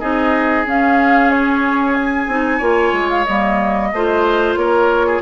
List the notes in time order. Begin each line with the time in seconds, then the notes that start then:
0.00 C4 D#4 G#4 D#5
0.66 C#4 F5
1.31 C#5
1.95 G#5
2.28 C4 D#4
2.58 A#3 F4 C#5
2.93 G#3
3.10 F5
3.25 G3 A#3 D#5
3.93 A3 F4 C5
4.56 A#3 A#4 C#5
5.07 G#4